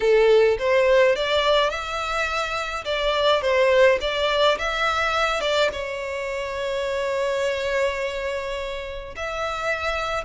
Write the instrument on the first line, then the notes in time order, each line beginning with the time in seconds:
violin
0.00 A4
0.58 C5
1.15 D5
1.70 E5
2.84 D5
3.41 C5
4.01 D5
4.58 E5
5.40 D5
5.72 C#5
9.16 E5